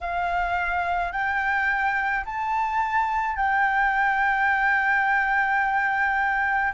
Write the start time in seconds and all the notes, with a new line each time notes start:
0.00 F5
1.12 G5
2.25 A5
3.36 G5